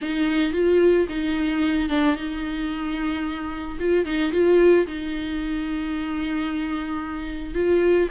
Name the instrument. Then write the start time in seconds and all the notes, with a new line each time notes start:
viola
0.01 D#4
0.53 F4
1.09 D#4
1.89 D4
2.15 D#4
3.79 F4
4.05 D#4
4.32 F4
4.86 D#4
7.54 F4